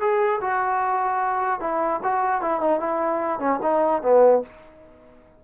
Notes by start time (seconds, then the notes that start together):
0.00 G#4
0.41 F#4
1.60 E4
2.03 F#4
2.41 E4
2.60 D#4
2.79 E4
3.39 C#4
3.62 D#4
4.02 B3